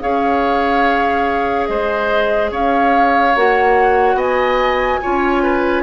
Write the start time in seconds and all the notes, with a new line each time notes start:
0.00 C#4 G#4 C#5 F5
1.66 G#3 C5 D#5
2.51 C#4 C#5 F5
3.35 A#3 F#4 F#5
4.14 B3 D#5 G#5
5.02 C#4 F4 C#5
5.42 B4